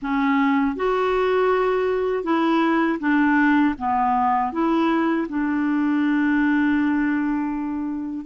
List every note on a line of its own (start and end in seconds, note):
0.02 0.75 C#4
0.75 2.23 F#4
2.23 2.98 E4
2.99 3.74 D4
3.78 4.52 B3
4.52 5.27 E4
5.28 8.25 D4